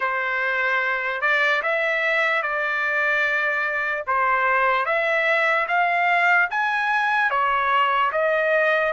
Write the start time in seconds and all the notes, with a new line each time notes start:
0.00 C5
1.21 D5
1.62 E5
2.42 D5
4.07 C5
4.85 E5
5.68 F5
6.50 G#5
7.30 C#5
8.12 D#5